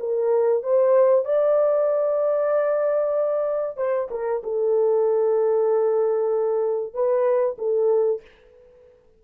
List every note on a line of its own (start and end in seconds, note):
0.00 0.63 A#4
0.63 1.25 C5
1.25 3.78 D5
3.78 4.09 C5
4.11 4.43 A#4
4.44 6.94 A4
6.94 7.57 B4
7.58 8.22 A4